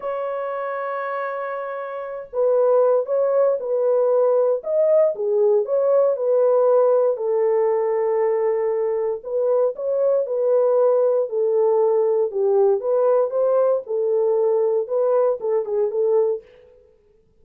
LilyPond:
\new Staff \with { instrumentName = "horn" } { \time 4/4 \tempo 4 = 117 cis''1~ | cis''8 b'4. cis''4 b'4~ | b'4 dis''4 gis'4 cis''4 | b'2 a'2~ |
a'2 b'4 cis''4 | b'2 a'2 | g'4 b'4 c''4 a'4~ | a'4 b'4 a'8 gis'8 a'4 | }